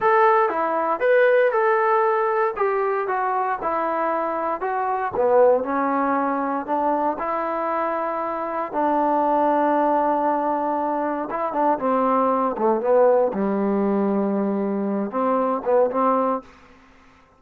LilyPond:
\new Staff \with { instrumentName = "trombone" } { \time 4/4 \tempo 4 = 117 a'4 e'4 b'4 a'4~ | a'4 g'4 fis'4 e'4~ | e'4 fis'4 b4 cis'4~ | cis'4 d'4 e'2~ |
e'4 d'2.~ | d'2 e'8 d'8 c'4~ | c'8 a8 b4 g2~ | g4. c'4 b8 c'4 | }